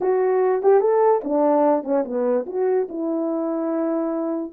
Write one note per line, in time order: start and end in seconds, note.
0.01 0.62 F#4
0.62 0.80 G4
0.80 1.21 A4
1.23 1.83 D4
1.83 2.04 C#4
2.04 2.45 B3
2.46 2.87 F#4
2.88 4.52 E4